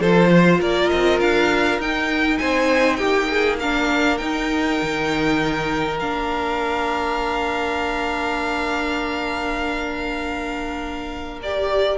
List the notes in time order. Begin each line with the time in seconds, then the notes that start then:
0.00 F3 F4 A4 C5
0.31 C5
0.60 A#3 A#4 D5
0.90 C4 D#5
1.20 D4 F5
1.79 D#4 G5
2.38 C4 C5 G#5
2.96 G4 G5
3.02 A#3
3.30 G#4
3.60 D4 A#4 F5
4.18 D#4 G5
4.82 D#3
6.00 A#3 D4 F5
11.43 G4 D5